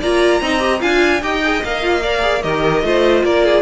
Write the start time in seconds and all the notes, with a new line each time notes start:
0.00 A#3 F4 D5 A#5
0.41 C4 D#4 D#5
0.60 G4
0.80 D4 F4 F5 G#5
1.22 D#4 G4 D#5 G5
1.44 G#4
1.64 A#3 A#4 F5
1.82 F4
2.03 A#4 D5
2.21 G#4
2.43 D#3 G4 A#4 D#5
2.83 A3 F4 C5
3.24 A#3 A#4 D5
3.45 G#4